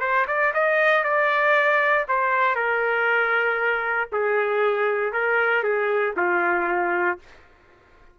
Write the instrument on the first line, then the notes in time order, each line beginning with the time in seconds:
trumpet
0.00 C5
0.28 D5
0.54 D#5
1.04 D5
2.08 C5
2.55 A#4
4.12 G#4
5.13 A#4
5.63 G#4
6.17 F4